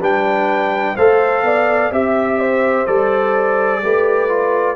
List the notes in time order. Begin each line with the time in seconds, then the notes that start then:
0.00 G3 D4 B4 G5
0.96 A3 A4 C5 F5
1.43 B3 D5
1.91 C4 G4 E5
2.40 C5
2.87 G3 A4 D5
3.83 A3 G4 B4
4.29 F4